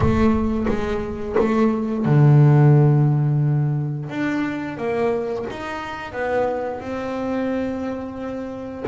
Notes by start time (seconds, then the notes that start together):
0.00 A3
0.68 G#3
1.38 A3
2.05 D3
4.09 D4
4.77 A#3
5.50 D#4
6.12 B3
6.80 C4